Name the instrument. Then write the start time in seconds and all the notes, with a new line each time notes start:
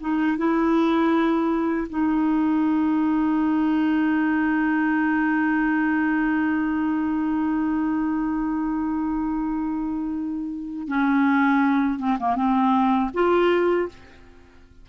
clarinet
0.00 D#4
0.37 E4
1.89 D#4
10.88 C#4
11.99 C4
12.19 A#3
12.35 C4
13.14 F4